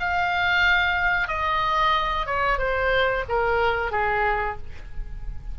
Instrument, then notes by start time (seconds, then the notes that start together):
oboe
0.00 F5
1.28 D#5
2.27 C#5
2.59 C5
3.29 A#4
3.92 G#4